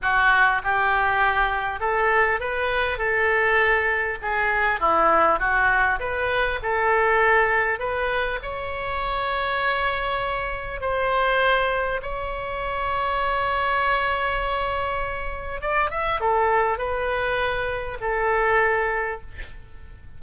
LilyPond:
\new Staff \with { instrumentName = "oboe" } { \time 4/4 \tempo 4 = 100 fis'4 g'2 a'4 | b'4 a'2 gis'4 | e'4 fis'4 b'4 a'4~ | a'4 b'4 cis''2~ |
cis''2 c''2 | cis''1~ | cis''2 d''8 e''8 a'4 | b'2 a'2 | }